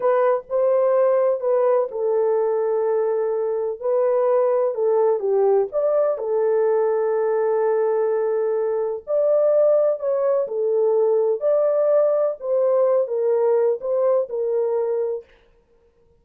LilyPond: \new Staff \with { instrumentName = "horn" } { \time 4/4 \tempo 4 = 126 b'4 c''2 b'4 | a'1 | b'2 a'4 g'4 | d''4 a'2.~ |
a'2. d''4~ | d''4 cis''4 a'2 | d''2 c''4. ais'8~ | ais'4 c''4 ais'2 | }